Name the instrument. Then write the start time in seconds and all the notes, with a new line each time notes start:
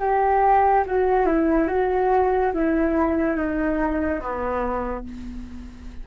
flute
0.00 G4
0.87 F#4
1.26 E4
1.68 F#4
2.54 E4
3.37 D#4
4.21 B3